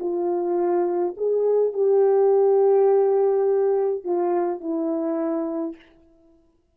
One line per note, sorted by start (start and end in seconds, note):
0.00 1.15 F4
1.17 1.73 G#4
1.73 4.04 G4
4.04 4.60 F4
4.60 5.76 E4